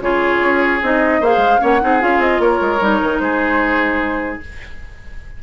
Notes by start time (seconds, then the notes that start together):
0.00 C#3 F4 G#4 C#5
0.39 C#4
0.82 C4 D#4 D#5
1.20 A#3 G#4 C5 F5
1.37 G#3
1.59 A#3 C#4 C#5 F#5
1.80 C4 D#4 G#4
2.00 C#4 F4 F5
2.18 C4 D#5
2.39 A#3 A#4 C#5
2.61 G#3
2.80 G3 D#4
3.02 D#3
3.19 G#3 G#4 C5